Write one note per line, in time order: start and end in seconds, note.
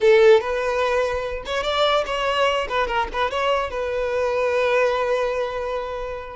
0.00 0.40 A4
0.40 1.43 B4
1.45 1.63 C#5
1.63 2.04 D5
2.06 2.67 C#5
2.69 2.87 B4
2.87 3.07 A#4
3.12 3.31 B4
3.31 3.70 C#5
3.70 6.36 B4